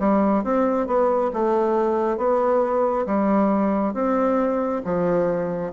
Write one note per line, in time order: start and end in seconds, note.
0.00 0.44 G3
0.44 0.87 C4
0.87 1.32 B3
1.34 2.18 A3
2.18 3.06 B3
3.06 3.94 G3
3.94 4.82 C4
4.85 5.73 F3